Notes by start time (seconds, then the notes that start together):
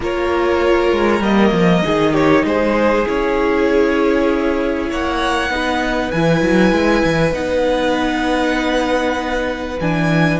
0.00 A#3 F4 A#4 C#5
0.92 G#3
1.20 G3 A#3 D#5
1.51 F3
1.82 D#3 D#4 G#4
2.13 G4 C#5
2.44 G#3 G#4 C5
3.06 C#4 E4 C#5
4.89 A#3 C#5 F#5
5.49 B3 D#4
5.56 B4
6.11 E3 E4 G#5
6.41 F#3
6.72 G#3
7.04 E3
7.32 B3 D#4 F#5
9.80 E3 D4 G#5